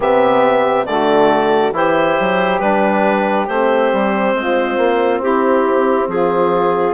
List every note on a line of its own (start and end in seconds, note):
0.00 0.85 C3
0.00 0.86 B3
0.00 0.85 G4
0.00 0.85 E5
0.85 1.72 D3
0.85 1.73 A3
0.85 1.73 F#4
0.85 1.72 D5
1.72 2.15 E3
1.72 2.60 E4
1.72 4.34 G4
1.72 2.59 C5
2.20 2.60 F#3
2.59 3.47 G3
2.59 3.48 D4
2.59 3.46 B4
3.47 3.91 A3
3.47 6.93 C4
3.47 5.21 C5
3.93 4.34 G3
4.34 4.77 G#3
4.34 5.21 F4
4.77 5.20 A#3
5.20 6.07 C4
5.20 6.08 E4
5.20 6.09 G4
6.07 6.93 F3
6.07 6.93 F4
6.07 6.93 G#4